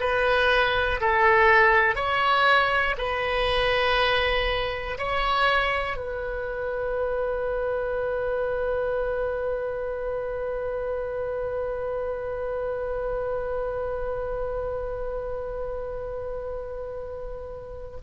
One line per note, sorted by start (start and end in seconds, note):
0.00 1.00 B4
1.00 1.95 A4
1.95 2.95 C#5
2.97 4.97 B4
4.98 5.96 C#5
5.96 17.96 B4